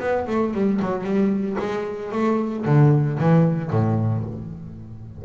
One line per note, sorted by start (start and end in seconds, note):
0.00 0.27 B3
0.27 0.54 A3
0.54 0.80 G3
0.82 1.04 F#3
1.04 1.57 G3
1.59 2.12 G#3
2.12 2.65 A3
2.65 3.19 D3
3.19 3.71 E3
3.71 4.24 A2